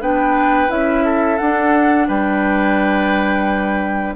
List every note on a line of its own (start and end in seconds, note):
0.00 0.69 B3
0.00 0.68 D4
0.00 1.04 B4
0.00 0.70 G5
0.68 1.39 C#4
0.68 1.37 E4
0.68 1.38 E5
1.04 2.07 A4
1.38 2.08 D4
1.38 4.16 D4
1.38 2.07 F#5
2.07 4.15 G3
2.07 4.14 B4
2.07 4.15 G5